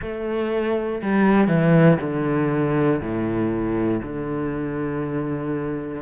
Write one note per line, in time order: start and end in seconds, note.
0.01 1.01 A3
1.02 1.47 G3
1.47 1.97 E3
2.00 3.00 D3
3.00 4.00 A2
4.02 6.01 D3